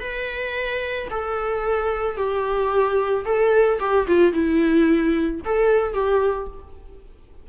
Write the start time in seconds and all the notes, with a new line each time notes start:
0.00 B4
1.10 A4
2.17 G4
3.25 A4
3.80 G4
4.07 F4
4.33 E4
5.45 A4
5.93 G4